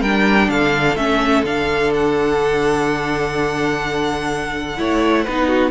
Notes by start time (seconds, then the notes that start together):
0.00 G3 D4 A#4 G5
0.49 D3 A4 F5
0.95 A3 C#4 E5
1.43 D3 D4 F5
1.93 F#5
4.77 A3 E4 C#5
5.24 B3 D#4 B4
5.47 F#4